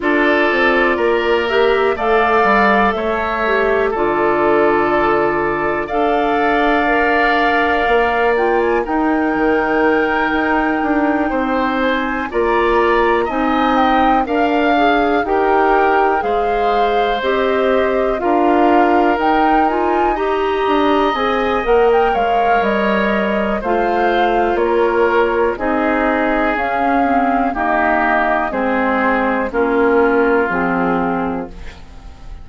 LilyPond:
<<
  \new Staff \with { instrumentName = "flute" } { \time 4/4 \tempo 4 = 61 d''4. e''8 f''4 e''4 | d''2 f''2~ | f''8 g''16 gis''16 g''2. | gis''8 ais''4 gis''8 g''8 f''4 g''8~ |
g''8 f''4 dis''4 f''4 g''8 | gis''8 ais''4 gis''8 fis''16 g''16 f''8 dis''4 | f''4 cis''4 dis''4 f''4 | dis''4 c''4 ais'4 gis'4 | }
  \new Staff \with { instrumentName = "oboe" } { \time 4/4 a'4 ais'4 d''4 cis''4 | a'2 d''2~ | d''4 ais'2~ ais'8 c''8~ | c''8 d''4 dis''4 f''4 ais'8~ |
ais'8 c''2 ais'4.~ | ais'8 dis''2 cis''4. | c''4 ais'4 gis'2 | g'4 gis'4 f'2 | }
  \new Staff \with { instrumentName = "clarinet" } { \time 4/4 f'4. g'8 a'4. g'8 | f'2 a'4 ais'4~ | ais'8 f'8 dis'2.~ | dis'8 f'4 dis'4 ais'8 gis'8 g'8~ |
g'8 gis'4 g'4 f'4 dis'8 | f'8 g'4 gis'8 ais'2 | f'2 dis'4 cis'8 c'8 | ais4 c'4 cis'4 c'4 | }
  \new Staff \with { instrumentName = "bassoon" } { \time 4/4 d'8 c'8 ais4 a8 g8 a4 | d2 d'2 | ais4 dis'8 dis4 dis'8 d'8 c'8~ | c'8 ais4 c'4 d'4 dis'8~ |
dis'8 gis4 c'4 d'4 dis'8~ | dis'4 d'8 c'8 ais8 gis8 g4 | a4 ais4 c'4 cis'4 | dis'4 gis4 ais4 f4 | }
>>